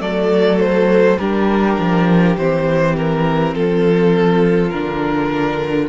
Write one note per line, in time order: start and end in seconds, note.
0.00 1.18 F#3
0.00 1.18 A3
0.00 1.18 A4
0.00 0.60 D5
0.60 1.18 C5
1.18 1.77 G3
1.18 2.38 D4
1.18 3.54 G4
1.18 2.36 A#4
1.78 2.37 F3
2.37 3.54 E3
2.37 4.73 C4
2.37 2.96 C5
2.96 3.54 A#4
3.54 4.72 F3
3.54 5.89 F4
3.54 4.70 A4
4.70 5.89 D3
4.70 5.89 D4
4.70 5.87 A#4